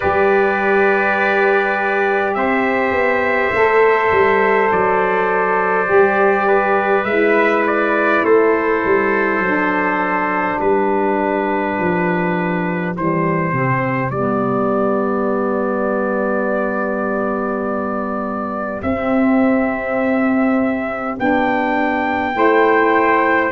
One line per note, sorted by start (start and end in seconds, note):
0.00 2.35 G3
0.00 3.53 G4
0.00 2.33 B4
0.00 2.34 D5
2.34 2.91 C4
2.34 6.47 C5
2.34 4.69 E5
2.91 3.50 B3
3.51 4.10 A3
3.51 5.85 A4
4.11 4.70 G3
4.71 5.89 F#3
4.71 7.04 D5
5.85 7.04 G3
5.85 7.03 G4
6.47 8.23 B4
7.04 8.21 G#3
7.04 9.43 E4
7.04 7.63 E5
7.66 8.24 D5
8.24 8.83 A3
8.24 10.58 A4
8.24 10.60 C5
8.84 9.38 G3
9.38 10.56 F#3
9.38 12.95 D4
10.58 11.78 G3
10.58 22.35 G4
10.58 12.95 B4
11.79 12.96 F3
12.95 13.52 E3
12.95 13.51 G3
12.95 14.10 C5
13.51 14.11 C3
13.51 14.10 C4
14.10 18.81 G3
14.10 18.83 B3
14.10 18.81 D5
18.82 21.18 C4
18.82 21.17 C4
18.82 21.17 E5
21.17 22.35 B3
21.17 22.32 D4
21.17 23.52 G5
22.32 23.52 A3
22.32 23.50 E4
22.32 23.52 C5